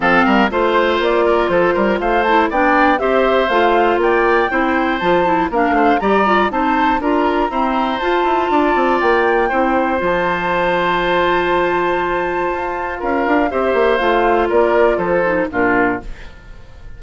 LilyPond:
<<
  \new Staff \with { instrumentName = "flute" } { \time 4/4 \tempo 4 = 120 f''4 c''4 d''4 c''4 | f''8 a''8 g''4 e''4 f''4 | g''2 a''4 f''4 | ais''4 a''4 ais''2 |
a''2 g''2 | a''1~ | a''2 f''4 e''4 | f''4 d''4 c''4 ais'4 | }
  \new Staff \with { instrumentName = "oboe" } { \time 4/4 a'8 ais'8 c''4. ais'8 a'8 ais'8 | c''4 d''4 c''2 | d''4 c''2 ais'8 c''8 | d''4 c''4 ais'4 c''4~ |
c''4 d''2 c''4~ | c''1~ | c''2 ais'4 c''4~ | c''4 ais'4 a'4 f'4 | }
  \new Staff \with { instrumentName = "clarinet" } { \time 4/4 c'4 f'2.~ | f'8 e'8 d'4 g'4 f'4~ | f'4 e'4 f'8 e'8 d'4 | g'8 f'8 dis'4 f'4 c'4 |
f'2. e'4 | f'1~ | f'2. g'4 | f'2~ f'8 dis'8 d'4 | }
  \new Staff \with { instrumentName = "bassoon" } { \time 4/4 f8 g8 a4 ais4 f8 g8 | a4 b4 c'4 a4 | ais4 c'4 f4 ais8 a8 | g4 c'4 d'4 e'4 |
f'8 e'8 d'8 c'8 ais4 c'4 | f1~ | f4 f'4 cis'8 d'8 c'8 ais8 | a4 ais4 f4 ais,4 | }
>>